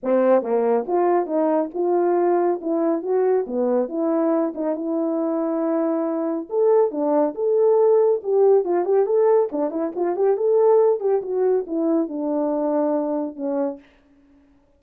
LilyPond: \new Staff \with { instrumentName = "horn" } { \time 4/4 \tempo 4 = 139 c'4 ais4 f'4 dis'4 | f'2 e'4 fis'4 | b4 e'4. dis'8 e'4~ | e'2. a'4 |
d'4 a'2 g'4 | f'8 g'8 a'4 d'8 e'8 f'8 g'8 | a'4. g'8 fis'4 e'4 | d'2. cis'4 | }